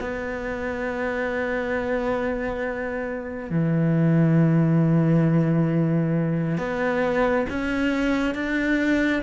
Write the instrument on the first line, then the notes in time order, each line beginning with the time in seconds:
cello
0.00 B3
3.50 E3
6.57 B3
7.49 C#4
8.34 D4